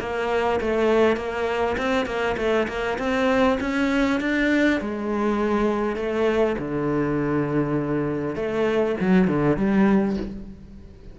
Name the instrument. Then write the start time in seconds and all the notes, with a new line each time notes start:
cello
0.00 A#3
0.61 A3
1.16 A#3
1.78 C4
2.06 A#3
2.37 A3
2.68 A#3
2.98 C4
3.61 C#4
4.20 D4
4.81 G#3
5.96 A3
6.58 D3
8.36 A3
9.00 F#3
9.28 D3
9.57 G3